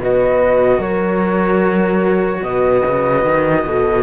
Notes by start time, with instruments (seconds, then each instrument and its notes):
0.00 cello B2 F#4, horn B4, flute D#5
0.78 cello F#3, horn A#4, flute C#5
2.42 cello B2, horn B4, flute D#5
2.86 cello C#3
3.24 cello D#3
3.65 cello B2, horn A4